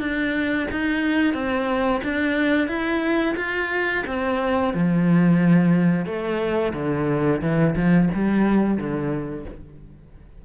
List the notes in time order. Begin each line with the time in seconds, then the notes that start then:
0.00 D4
0.72 D#4
1.34 C4
2.04 D4
2.68 E4
3.37 F4
4.07 C4
4.74 F3
6.06 A3
6.74 D3
7.42 E3
7.76 F3
8.15 G3
8.78 D3